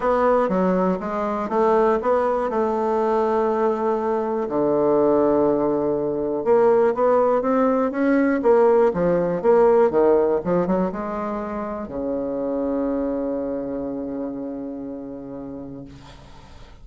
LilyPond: \new Staff \with { instrumentName = "bassoon" } { \time 4/4 \tempo 4 = 121 b4 fis4 gis4 a4 | b4 a2.~ | a4 d2.~ | d4 ais4 b4 c'4 |
cis'4 ais4 f4 ais4 | dis4 f8 fis8 gis2 | cis1~ | cis1 | }